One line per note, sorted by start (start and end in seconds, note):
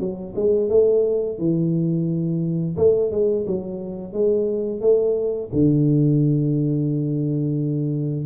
0.00 0.34 F#3
0.36 0.70 G#3
0.70 1.39 A3
1.39 2.77 E3
2.77 3.12 A3
3.12 3.46 G#3
3.47 4.13 F#3
4.13 4.81 G#3
4.81 5.50 A3
5.53 8.26 D3